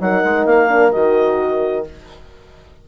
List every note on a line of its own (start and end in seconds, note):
0.00 0.23 F#3
0.00 0.68 D#4
0.00 1.88 A#4
0.00 0.46 F#5
0.25 0.46 G#3
0.46 0.92 A#3
0.46 0.92 F5
0.68 0.91 D4
0.92 1.88 D#3
0.92 1.85 F#4
0.92 1.85 D#5